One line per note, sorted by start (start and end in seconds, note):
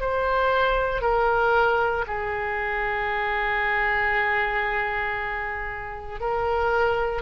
0.00 1.02 C5
1.02 2.05 A#4
2.07 6.20 G#4
6.20 7.22 A#4